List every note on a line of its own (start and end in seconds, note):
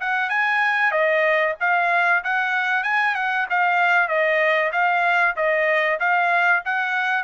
0.00 0.29 F#5
0.29 0.91 G#5
0.91 1.54 D#5
1.60 2.23 F5
2.24 2.83 F#5
2.83 3.15 G#5
3.15 3.47 F#5
3.49 4.08 F5
4.08 4.71 D#5
4.72 5.35 F5
5.36 5.99 D#5
6.00 6.63 F5
6.65 7.23 F#5